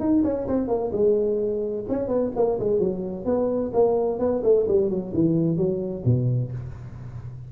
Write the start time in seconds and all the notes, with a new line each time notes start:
0.00 D#4
0.24 C#4
0.48 C4
0.68 A#3
0.92 G#3
1.89 C#4
2.08 B3
2.36 A#3
2.60 G#3
2.80 F#3
3.25 B3
3.74 A#3
4.19 B3
4.44 A3
4.68 G3
4.90 F#3
5.14 E3
5.57 F#3
6.05 B2